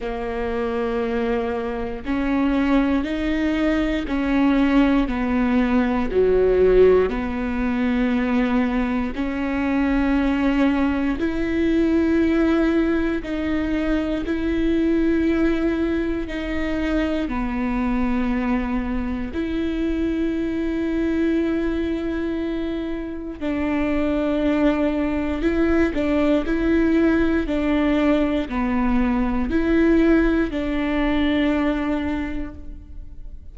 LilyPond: \new Staff \with { instrumentName = "viola" } { \time 4/4 \tempo 4 = 59 ais2 cis'4 dis'4 | cis'4 b4 fis4 b4~ | b4 cis'2 e'4~ | e'4 dis'4 e'2 |
dis'4 b2 e'4~ | e'2. d'4~ | d'4 e'8 d'8 e'4 d'4 | b4 e'4 d'2 | }